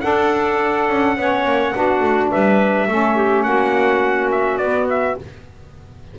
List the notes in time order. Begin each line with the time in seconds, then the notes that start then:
0.00 D4 A4 F#5
0.89 C#4
1.17 B3 C#4 C#5
1.44 A#3
1.73 B3 D4 F#4
2.00 A3
2.30 G3 B4 E5
2.88 A3 C#4 A4
3.15 G4
3.43 A#3 F#4 F#5
4.31 E5
4.57 B3 D5
4.89 E5